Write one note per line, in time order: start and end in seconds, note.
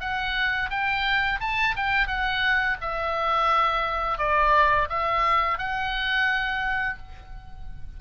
0.00 0.70 F#5
0.70 1.40 G5
1.40 1.75 A5
1.76 2.07 G5
2.07 2.77 F#5
2.81 4.18 E5
4.18 4.88 D5
4.89 5.58 E5
5.58 6.97 F#5